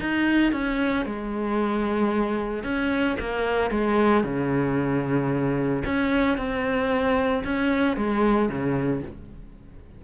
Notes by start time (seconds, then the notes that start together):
0.00 D#4
0.52 C#4
1.06 G#3
2.64 C#4
3.20 A#3
3.71 G#3
4.24 C#3
5.85 C#4
6.38 C4
7.44 C#4
7.96 G#3
8.49 C#3